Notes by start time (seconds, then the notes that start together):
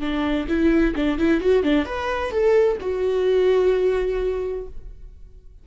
0.00 D4
0.48 E4
0.95 D4
1.18 E4
1.40 F#4
1.63 D4
1.85 B4
2.30 A4
2.80 F#4